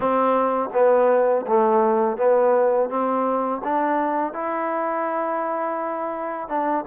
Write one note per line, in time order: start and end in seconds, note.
0.00 0.69 C4
0.73 1.45 B3
1.47 2.17 A3
2.17 2.89 B3
2.89 3.61 C4
3.64 4.33 D4
4.33 6.48 E4
6.48 6.84 D4